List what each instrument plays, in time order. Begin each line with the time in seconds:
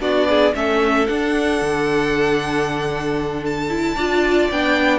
0.00 cello B3, viola D4, violin F#4 D5
0.29 violin G#4
0.54 cello A3, viola C#4, violin A4 E5
1.07 viola D4, cello D4, violin F#5
1.61 cello D3
3.45 violin A5
3.69 viola E4
3.95 cello D4, viola F4, violin D5
4.51 cello B3, viola D4, violin G5